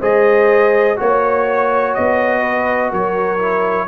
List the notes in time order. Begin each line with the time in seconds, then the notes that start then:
0.00 G#3 G#4 C5 D#5
0.97 A#3 F#4 C#5
1.95 B3 D#5
2.41 B4
2.90 F#3 A#4 C#5
3.39 E4